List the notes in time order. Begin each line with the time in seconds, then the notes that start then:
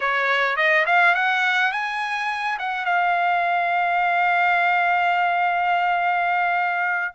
0.00 C#5
0.56 D#5
0.86 F5
1.15 F#5
1.72 G#5
2.58 F#5
2.85 F5